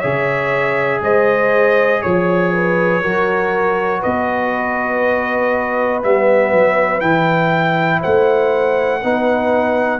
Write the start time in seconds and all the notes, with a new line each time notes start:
0.00 C#3 G#4 C#5 E5
1.02 G#3 C5 D#5
2.02 F3 C#5
2.53 B4
3.02 F#3 F#4 A#4
4.00 B3 B4 D#5
6.03 G3 B3 E5
6.53 F#3
7.01 E3 E4 G5
8.01 A3 C5 F#5
9.02 B3 D#4 B4